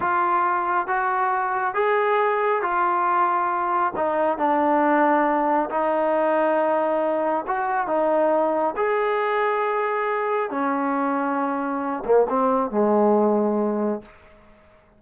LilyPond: \new Staff \with { instrumentName = "trombone" } { \time 4/4 \tempo 4 = 137 f'2 fis'2 | gis'2 f'2~ | f'4 dis'4 d'2~ | d'4 dis'2.~ |
dis'4 fis'4 dis'2 | gis'1 | cis'2.~ cis'8 ais8 | c'4 gis2. | }